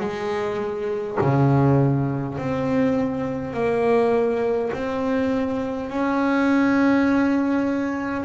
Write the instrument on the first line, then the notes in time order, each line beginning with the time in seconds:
double bass
0.00 G#3
1.21 C#3
2.37 C4
3.53 A#3
4.73 C4
5.89 C#4